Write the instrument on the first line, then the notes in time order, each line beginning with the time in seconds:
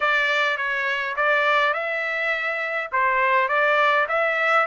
trumpet
0.00 D5
0.57 C#5
1.16 D5
1.73 E5
2.92 C5
3.48 D5
4.08 E5